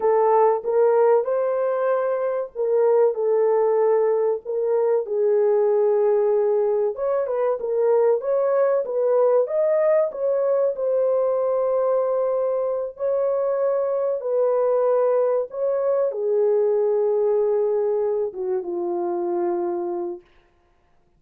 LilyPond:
\new Staff \with { instrumentName = "horn" } { \time 4/4 \tempo 4 = 95 a'4 ais'4 c''2 | ais'4 a'2 ais'4 | gis'2. cis''8 b'8 | ais'4 cis''4 b'4 dis''4 |
cis''4 c''2.~ | c''8 cis''2 b'4.~ | b'8 cis''4 gis'2~ gis'8~ | gis'4 fis'8 f'2~ f'8 | }